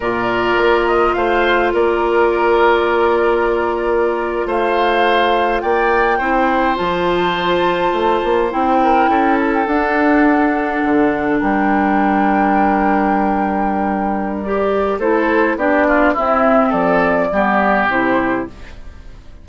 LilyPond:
<<
  \new Staff \with { instrumentName = "flute" } { \time 4/4 \tempo 4 = 104 d''4. dis''8 f''4 d''4~ | d''2.~ d''8. f''16~ | f''4.~ f''16 g''2 a''16~ | a''2~ a''8. g''4~ g''16~ |
g''16 a''16 g''16 fis''2. g''16~ | g''1~ | g''4 d''4 c''4 d''4 | e''4 d''2 c''4 | }
  \new Staff \with { instrumentName = "oboe" } { \time 4/4 ais'2 c''4 ais'4~ | ais'2.~ ais'8. c''16~ | c''4.~ c''16 d''4 c''4~ c''16~ | c''2.~ c''16 ais'8 a'16~ |
a'2.~ a'8. ais'16~ | ais'1~ | ais'2 a'4 g'8 f'8 | e'4 a'4 g'2 | }
  \new Staff \with { instrumentName = "clarinet" } { \time 4/4 f'1~ | f'1~ | f'2~ f'8. e'4 f'16~ | f'2~ f'8. e'4~ e'16~ |
e'8. d'2.~ d'16~ | d'1~ | d'4 g'4 e'4 d'4 | c'2 b4 e'4 | }
  \new Staff \with { instrumentName = "bassoon" } { \time 4/4 ais,4 ais4 a4 ais4~ | ais2.~ ais8. a16~ | a4.~ a16 ais4 c'4 f16~ | f4.~ f16 a8 ais8 c'4 cis'16~ |
cis'8. d'2 d4 g16~ | g1~ | g2 a4 b4 | c'4 f4 g4 c4 | }
>>